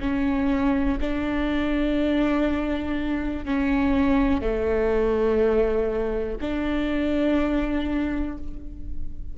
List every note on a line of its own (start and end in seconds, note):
0.00 0.98 C#4
1.01 3.45 D4
3.45 4.41 C#4
4.41 6.38 A3
6.41 8.38 D4